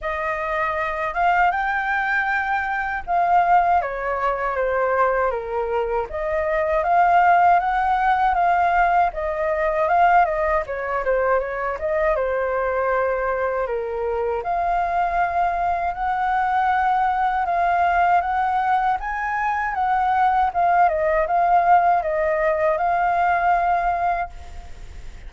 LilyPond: \new Staff \with { instrumentName = "flute" } { \time 4/4 \tempo 4 = 79 dis''4. f''8 g''2 | f''4 cis''4 c''4 ais'4 | dis''4 f''4 fis''4 f''4 | dis''4 f''8 dis''8 cis''8 c''8 cis''8 dis''8 |
c''2 ais'4 f''4~ | f''4 fis''2 f''4 | fis''4 gis''4 fis''4 f''8 dis''8 | f''4 dis''4 f''2 | }